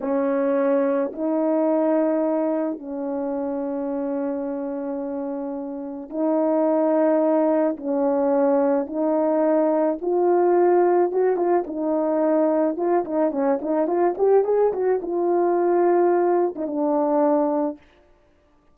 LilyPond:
\new Staff \with { instrumentName = "horn" } { \time 4/4 \tempo 4 = 108 cis'2 dis'2~ | dis'4 cis'2.~ | cis'2. dis'4~ | dis'2 cis'2 |
dis'2 f'2 | fis'8 f'8 dis'2 f'8 dis'8 | cis'8 dis'8 f'8 g'8 gis'8 fis'8 f'4~ | f'4.~ f'16 dis'16 d'2 | }